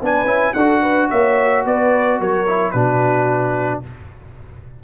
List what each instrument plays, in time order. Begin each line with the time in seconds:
0.00 tuba B3, trombone D4, horn B4, trumpet G#5
0.25 tuba C#4, trombone E4
0.53 tuba D4, trombone F#4, horn A4, trumpet F#5
0.81 horn B4
1.10 tuba A#3, horn C#5, trumpet E5
1.65 tuba B3, horn B4, trumpet D5
2.19 tuba F#3, horn A#4, trumpet C#5
2.47 trombone E4
2.71 tuba B2, trombone D4, horn F#4, trumpet B4